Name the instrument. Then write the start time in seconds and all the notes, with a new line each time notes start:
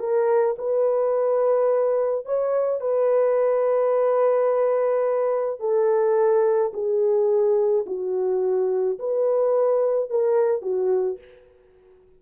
horn
0.00 A#4
0.58 B4
2.26 C#5
2.81 B4
5.60 A4
6.74 G#4
7.87 F#4
8.99 B4
10.10 A#4
10.62 F#4